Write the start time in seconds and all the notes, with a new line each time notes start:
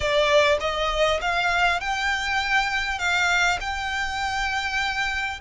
0.00 D5
0.60 D#5
1.21 F5
1.80 G5
2.98 F5
3.60 G5